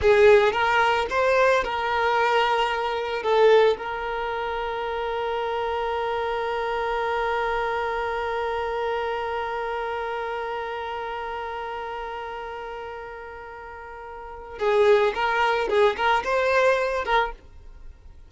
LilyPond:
\new Staff \with { instrumentName = "violin" } { \time 4/4 \tempo 4 = 111 gis'4 ais'4 c''4 ais'4~ | ais'2 a'4 ais'4~ | ais'1~ | ais'1~ |
ais'1~ | ais'1~ | ais'2. gis'4 | ais'4 gis'8 ais'8 c''4. ais'8 | }